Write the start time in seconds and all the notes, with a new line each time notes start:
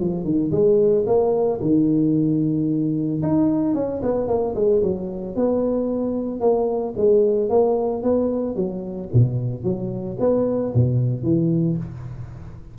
0.00 F3
0.24 D#3
0.51 G#3
1.06 A#3
1.61 D#3
3.22 D#4
3.75 C#4
4.03 B3
4.28 A#3
4.55 G#3
4.82 F#3
5.35 B3
6.40 A#3
6.96 G#3
7.49 A#3
8.03 B3
8.55 F#3
9.14 B2
9.64 F#3
10.19 B3
10.74 B2
11.23 E3